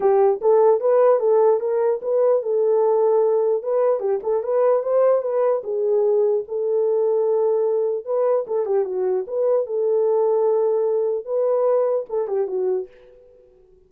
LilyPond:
\new Staff \with { instrumentName = "horn" } { \time 4/4 \tempo 4 = 149 g'4 a'4 b'4 a'4 | ais'4 b'4 a'2~ | a'4 b'4 g'8 a'8 b'4 | c''4 b'4 gis'2 |
a'1 | b'4 a'8 g'8 fis'4 b'4 | a'1 | b'2 a'8 g'8 fis'4 | }